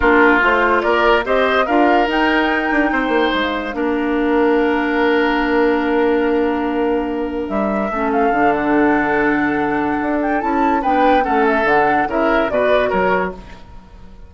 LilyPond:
<<
  \new Staff \with { instrumentName = "flute" } { \time 4/4 \tempo 4 = 144 ais'4 c''4 d''4 dis''4 | f''4 g''2. | f''1~ | f''1~ |
f''2 e''4. f''8~ | f''8 fis''2.~ fis''8~ | fis''8 g''8 a''4 g''4 fis''8 e''8 | fis''4 e''4 d''4 cis''4 | }
  \new Staff \with { instrumentName = "oboe" } { \time 4/4 f'2 ais'4 c''4 | ais'2. c''4~ | c''4 ais'2.~ | ais'1~ |
ais'2. a'4~ | a'1~ | a'2 b'4 a'4~ | a'4 ais'4 b'4 ais'4 | }
  \new Staff \with { instrumentName = "clarinet" } { \time 4/4 d'4 f'2 g'4 | f'4 dis'2.~ | dis'4 d'2.~ | d'1~ |
d'2. cis'4 | d'1~ | d'4 e'4 d'4 cis'4 | d'4 e'4 fis'2 | }
  \new Staff \with { instrumentName = "bassoon" } { \time 4/4 ais4 a4 ais4 c'4 | d'4 dis'4. d'8 c'8 ais8 | gis4 ais2.~ | ais1~ |
ais2 g4 a4 | d1 | d'4 cis'4 b4 a4 | d4 cis4 b,4 fis4 | }
>>